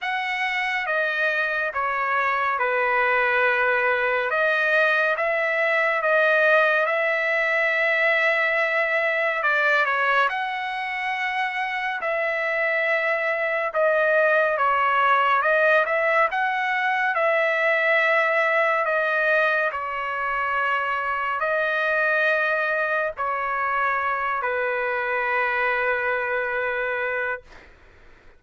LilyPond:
\new Staff \with { instrumentName = "trumpet" } { \time 4/4 \tempo 4 = 70 fis''4 dis''4 cis''4 b'4~ | b'4 dis''4 e''4 dis''4 | e''2. d''8 cis''8 | fis''2 e''2 |
dis''4 cis''4 dis''8 e''8 fis''4 | e''2 dis''4 cis''4~ | cis''4 dis''2 cis''4~ | cis''8 b'2.~ b'8 | }